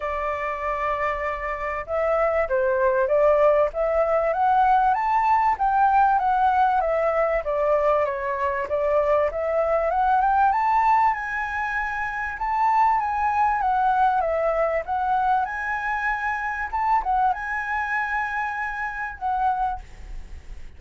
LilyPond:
\new Staff \with { instrumentName = "flute" } { \time 4/4 \tempo 4 = 97 d''2. e''4 | c''4 d''4 e''4 fis''4 | a''4 g''4 fis''4 e''4 | d''4 cis''4 d''4 e''4 |
fis''8 g''8 a''4 gis''2 | a''4 gis''4 fis''4 e''4 | fis''4 gis''2 a''8 fis''8 | gis''2. fis''4 | }